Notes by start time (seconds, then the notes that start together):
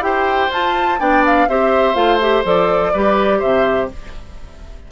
0.00 E4 G4 C5 G5
0.51 F4 A5
1.00 B3 D4 D5 G5
1.26 F5
1.49 C4 G4 C5 E5
1.95 A3 F4 F5
2.20 G4 E5
2.44 F3 A4 D5
2.93 G3 G4 B4
3.39 C3 C5 E5